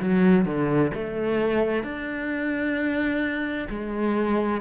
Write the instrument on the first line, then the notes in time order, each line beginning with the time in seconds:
cello
0.00 F#3
0.46 D3
0.94 A3
1.83 D4
3.69 G#3